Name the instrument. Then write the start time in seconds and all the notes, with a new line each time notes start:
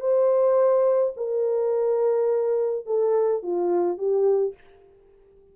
horn
0.00 C5
1.17 A#4
2.86 A4
3.43 F4
3.98 G4